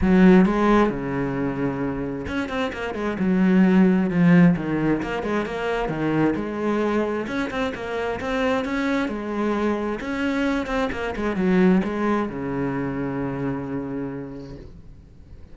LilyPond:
\new Staff \with { instrumentName = "cello" } { \time 4/4 \tempo 4 = 132 fis4 gis4 cis2~ | cis4 cis'8 c'8 ais8 gis8 fis4~ | fis4 f4 dis4 ais8 gis8 | ais4 dis4 gis2 |
cis'8 c'8 ais4 c'4 cis'4 | gis2 cis'4. c'8 | ais8 gis8 fis4 gis4 cis4~ | cis1 | }